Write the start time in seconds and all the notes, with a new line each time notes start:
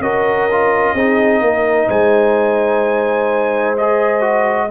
0.00 C#4 F#4 A#4 D#5
0.51 F4
0.94 C4 D#4 G#4
1.41 A#3 A#4
1.87 G#3 C5 G#5
3.77 G#4 D#5
4.21 F#4